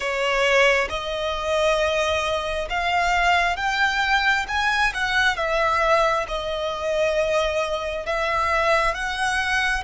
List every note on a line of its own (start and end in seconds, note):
0.00 0.88 C#5
0.89 2.68 D#5
2.69 3.56 F5
3.56 4.46 G5
4.48 4.93 G#5
4.94 5.36 F#5
5.36 6.26 E5
6.28 8.06 D#5
8.06 8.94 E5
8.94 9.83 F#5